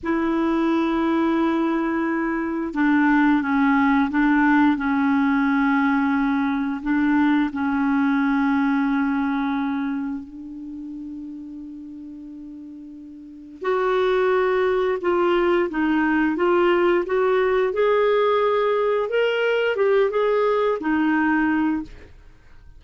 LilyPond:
\new Staff \with { instrumentName = "clarinet" } { \time 4/4 \tempo 4 = 88 e'1 | d'4 cis'4 d'4 cis'4~ | cis'2 d'4 cis'4~ | cis'2. d'4~ |
d'1 | fis'2 f'4 dis'4 | f'4 fis'4 gis'2 | ais'4 g'8 gis'4 dis'4. | }